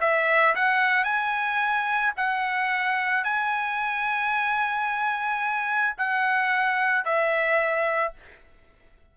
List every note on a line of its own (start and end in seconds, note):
0.00 0.55 E5
0.55 1.04 F#5
1.04 2.13 G#5
2.16 3.23 F#5
3.23 5.96 G#5
5.97 7.04 F#5
7.04 8.13 E5